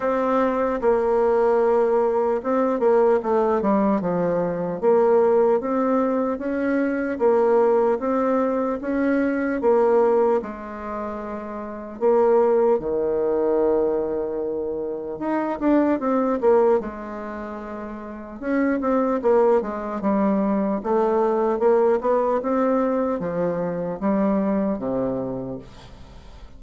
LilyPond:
\new Staff \with { instrumentName = "bassoon" } { \time 4/4 \tempo 4 = 75 c'4 ais2 c'8 ais8 | a8 g8 f4 ais4 c'4 | cis'4 ais4 c'4 cis'4 | ais4 gis2 ais4 |
dis2. dis'8 d'8 | c'8 ais8 gis2 cis'8 c'8 | ais8 gis8 g4 a4 ais8 b8 | c'4 f4 g4 c4 | }